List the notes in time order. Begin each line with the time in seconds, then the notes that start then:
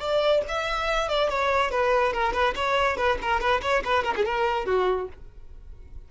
0.00 D5
0.49 E5
1.09 D5
1.30 C#5
1.71 B4
2.13 A#4
2.33 B4
2.56 C#5
2.98 B4
3.22 A#4
3.41 B4
3.62 C#5
3.85 B4
4.04 A#4
4.16 G#4
4.25 A#4
4.66 F#4